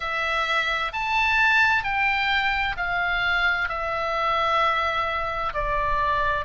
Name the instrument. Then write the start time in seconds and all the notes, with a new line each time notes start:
oboe
0.00 E5
0.92 A5
1.83 G5
2.77 F5
3.68 E5
5.53 D5